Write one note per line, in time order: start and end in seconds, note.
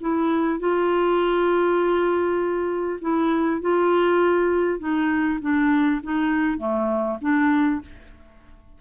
0.00 0.59 E4
0.59 2.99 F4
3.01 3.61 E4
3.61 4.79 F4
4.79 5.39 D#4
5.41 6.01 D4
6.03 6.58 D#4
6.58 7.18 A3
7.21 7.81 D4